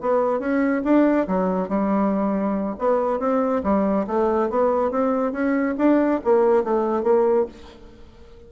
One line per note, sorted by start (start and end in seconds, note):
0.00 0.39 B3
0.39 0.82 C#4
0.84 1.27 D4
1.27 1.68 F#3
1.68 2.75 G3
2.78 3.19 B3
3.19 3.62 C4
3.63 4.06 G3
4.07 4.49 A3
4.50 4.91 B3
4.91 5.32 C4
5.32 5.75 C#4
5.78 6.20 D4
6.24 6.64 A#3
6.64 7.03 A3
7.03 7.46 A#3